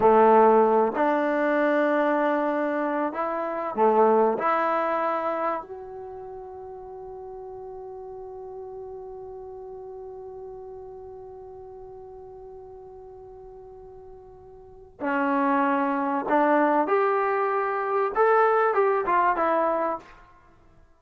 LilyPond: \new Staff \with { instrumentName = "trombone" } { \time 4/4 \tempo 4 = 96 a4. d'2~ d'8~ | d'4 e'4 a4 e'4~ | e'4 fis'2.~ | fis'1~ |
fis'1~ | fis'1 | cis'2 d'4 g'4~ | g'4 a'4 g'8 f'8 e'4 | }